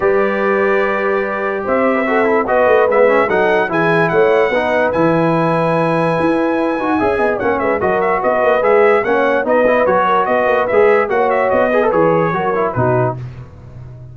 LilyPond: <<
  \new Staff \with { instrumentName = "trumpet" } { \time 4/4 \tempo 4 = 146 d''1 | e''2 dis''4 e''4 | fis''4 gis''4 fis''2 | gis''1~ |
gis''2 fis''8 e''8 dis''8 e''8 | dis''4 e''4 fis''4 dis''4 | cis''4 dis''4 e''4 fis''8 e''8 | dis''4 cis''2 b'4 | }
  \new Staff \with { instrumentName = "horn" } { \time 4/4 b'1 | c''8. b'16 a'4 b'2 | a'4 gis'4 cis''4 b'4~ | b'1~ |
b'4 e''8 dis''8 cis''8 b'8 ais'4 | b'2 cis''4 b'4~ | b'8 ais'8 b'2 cis''4~ | cis''8 b'4. ais'4 fis'4 | }
  \new Staff \with { instrumentName = "trombone" } { \time 4/4 g'1~ | g'4 fis'8 e'8 fis'4 b8 cis'8 | dis'4 e'2 dis'4 | e'1~ |
e'8 fis'8 gis'4 cis'4 fis'4~ | fis'4 gis'4 cis'4 dis'8 e'8 | fis'2 gis'4 fis'4~ | fis'8 gis'16 a'16 gis'4 fis'8 e'8 dis'4 | }
  \new Staff \with { instrumentName = "tuba" } { \time 4/4 g1 | c'2 b8 a8 gis4 | fis4 e4 a4 b4 | e2. e'4~ |
e'8 dis'8 cis'8 b8 ais8 gis8 fis4 | b8 ais8 gis4 ais4 b4 | fis4 b8 ais8 gis4 ais4 | b4 e4 fis4 b,4 | }
>>